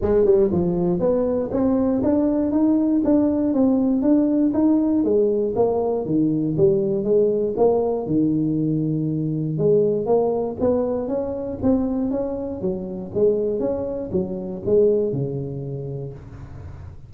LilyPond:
\new Staff \with { instrumentName = "tuba" } { \time 4/4 \tempo 4 = 119 gis8 g8 f4 b4 c'4 | d'4 dis'4 d'4 c'4 | d'4 dis'4 gis4 ais4 | dis4 g4 gis4 ais4 |
dis2. gis4 | ais4 b4 cis'4 c'4 | cis'4 fis4 gis4 cis'4 | fis4 gis4 cis2 | }